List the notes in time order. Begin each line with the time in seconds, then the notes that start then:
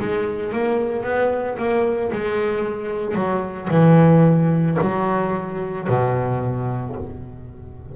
0.00 G#3
0.53 A#3
1.04 B3
1.58 A#3
2.12 G#3
3.16 F#3
3.71 E3
4.82 F#3
5.89 B2